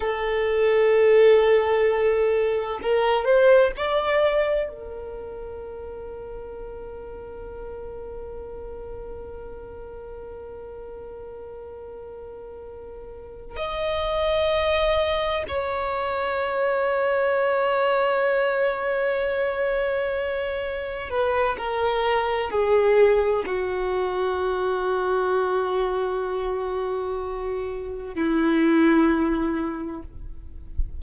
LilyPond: \new Staff \with { instrumentName = "violin" } { \time 4/4 \tempo 4 = 64 a'2. ais'8 c''8 | d''4 ais'2.~ | ais'1~ | ais'2~ ais'8 dis''4.~ |
dis''8 cis''2.~ cis''8~ | cis''2~ cis''8 b'8 ais'4 | gis'4 fis'2.~ | fis'2 e'2 | }